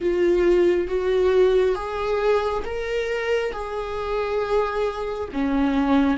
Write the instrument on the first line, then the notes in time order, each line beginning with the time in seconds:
viola
0.00 F4
0.87 F#4
1.75 G#4
2.65 A#4
3.52 G#4
5.33 C#4